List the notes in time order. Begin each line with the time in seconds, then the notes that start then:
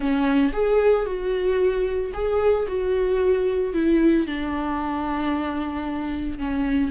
0.00 C#4
0.52 G#4
1.05 F#4
2.13 G#4
2.67 F#4
3.73 E4
4.26 D4
6.38 C#4